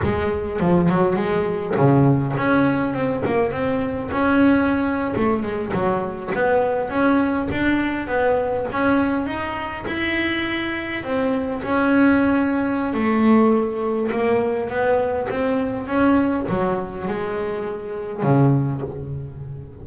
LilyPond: \new Staff \with { instrumentName = "double bass" } { \time 4/4 \tempo 4 = 102 gis4 f8 fis8 gis4 cis4 | cis'4 c'8 ais8 c'4 cis'4~ | cis'8. a8 gis8 fis4 b4 cis'16~ | cis'8. d'4 b4 cis'4 dis'16~ |
dis'8. e'2 c'4 cis'16~ | cis'2 a2 | ais4 b4 c'4 cis'4 | fis4 gis2 cis4 | }